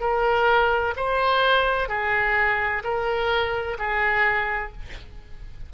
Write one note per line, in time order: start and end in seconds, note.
0.00 0.94 A#4
0.96 1.89 C5
1.89 2.83 G#4
2.84 3.78 A#4
3.78 4.72 G#4